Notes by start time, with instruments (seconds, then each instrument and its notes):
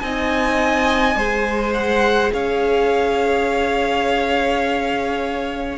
0.00 cello C4, viola D#4, violin D#5 G#5
1.16 cello G#3, viola G#4, violin C5
1.74 violin F#5
2.33 cello C#4, violin C#5 F5